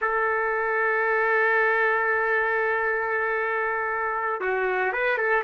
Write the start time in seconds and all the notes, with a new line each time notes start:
0.01 A4
4.41 F#4
4.92 B4
5.17 A4